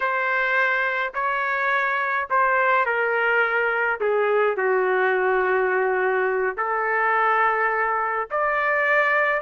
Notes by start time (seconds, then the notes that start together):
0.00 C5
1.14 C#5
2.30 C5
2.85 A#4
4.00 G#4
4.57 F#4
6.56 A4
8.30 D5